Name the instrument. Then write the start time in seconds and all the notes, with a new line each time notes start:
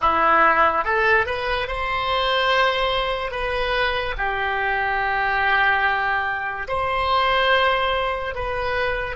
oboe
0.01 E4
0.84 A4
1.25 B4
1.67 C5
3.31 B4
4.17 G4
6.68 C5
8.34 B4